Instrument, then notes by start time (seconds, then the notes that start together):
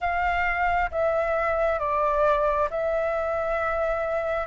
flute
0.00 F5
0.91 E5
1.79 D5
2.70 E5